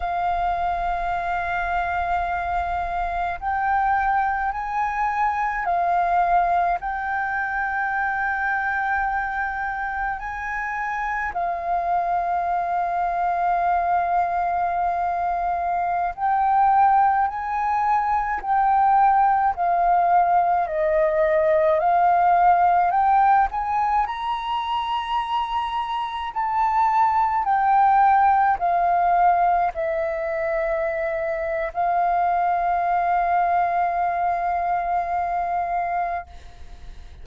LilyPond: \new Staff \with { instrumentName = "flute" } { \time 4/4 \tempo 4 = 53 f''2. g''4 | gis''4 f''4 g''2~ | g''4 gis''4 f''2~ | f''2~ f''16 g''4 gis''8.~ |
gis''16 g''4 f''4 dis''4 f''8.~ | f''16 g''8 gis''8 ais''2 a''8.~ | a''16 g''4 f''4 e''4.~ e''16 | f''1 | }